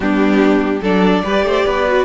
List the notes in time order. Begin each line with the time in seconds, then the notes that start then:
0.00 G3 B3 D4 G4
0.81 F#3 D4 A4 D5
1.23 G3 G4 B4
1.43 A3 C5
1.65 B3 B4
1.86 F#4